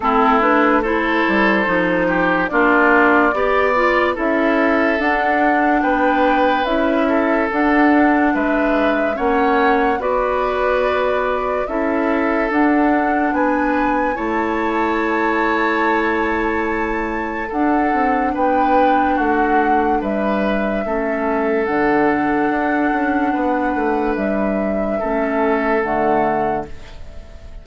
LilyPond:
<<
  \new Staff \with { instrumentName = "flute" } { \time 4/4 \tempo 4 = 72 a'8 b'8 c''2 d''4~ | d''4 e''4 fis''4 g''4 | e''4 fis''4 e''4 fis''4 | d''2 e''4 fis''4 |
gis''4 a''2.~ | a''4 fis''4 g''4 fis''4 | e''2 fis''2~ | fis''4 e''2 fis''4 | }
  \new Staff \with { instrumentName = "oboe" } { \time 4/4 e'4 a'4. g'8 f'4 | d''4 a'2 b'4~ | b'8 a'4. b'4 cis''4 | b'2 a'2 |
b'4 cis''2.~ | cis''4 a'4 b'4 fis'4 | b'4 a'2. | b'2 a'2 | }
  \new Staff \with { instrumentName = "clarinet" } { \time 4/4 c'8 d'8 e'4 dis'4 d'4 | g'8 f'8 e'4 d'2 | e'4 d'2 cis'4 | fis'2 e'4 d'4~ |
d'4 e'2.~ | e'4 d'2.~ | d'4 cis'4 d'2~ | d'2 cis'4 a4 | }
  \new Staff \with { instrumentName = "bassoon" } { \time 4/4 a4. g8 f4 ais4 | b4 cis'4 d'4 b4 | cis'4 d'4 gis4 ais4 | b2 cis'4 d'4 |
b4 a2.~ | a4 d'8 c'8 b4 a4 | g4 a4 d4 d'8 cis'8 | b8 a8 g4 a4 d4 | }
>>